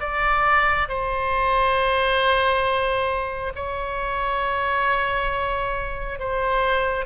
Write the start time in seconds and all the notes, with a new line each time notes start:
0.00 D5
0.88 C5
3.55 C#5
6.19 C5